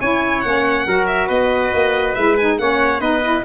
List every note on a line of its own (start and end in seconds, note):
0.00 0.44 C#4
0.00 0.45 E4
0.00 0.86 C#5
0.00 0.41 G#5
0.41 0.86 A#3
0.41 0.87 C#4
0.41 1.06 F#5
0.86 1.30 F#3
0.86 2.16 F#4
0.86 1.27 A#4
1.07 1.28 E5
1.27 1.73 B3
1.27 2.57 B4
1.27 2.15 D#5
1.73 2.16 A#3
2.15 2.59 G#3
2.15 2.38 E4
2.15 2.36 E5
2.37 2.60 D#4
2.37 2.59 G#5
2.59 3.01 A#3
2.59 3.00 C#4
2.59 3.01 C#5
2.59 3.00 F#5
3.00 3.44 B3
3.00 3.22 D#4
3.00 3.44 B4
3.00 3.43 D#5
3.23 3.45 E4